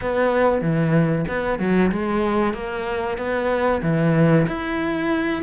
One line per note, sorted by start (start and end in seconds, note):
0.01 0.61 B3
0.61 1.25 E3
1.28 1.59 B3
1.59 1.91 F#3
1.91 2.53 G#3
2.53 3.17 A#3
3.17 3.81 B3
3.82 4.46 E3
4.47 5.42 E4